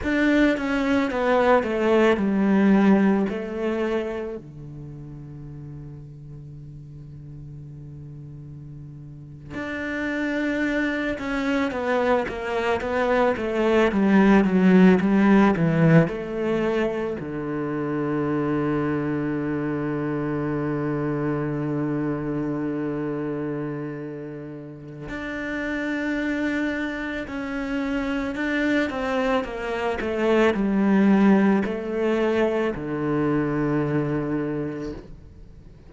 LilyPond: \new Staff \with { instrumentName = "cello" } { \time 4/4 \tempo 4 = 55 d'8 cis'8 b8 a8 g4 a4 | d1~ | d8. d'4. cis'8 b8 ais8 b16~ | b16 a8 g8 fis8 g8 e8 a4 d16~ |
d1~ | d2. d'4~ | d'4 cis'4 d'8 c'8 ais8 a8 | g4 a4 d2 | }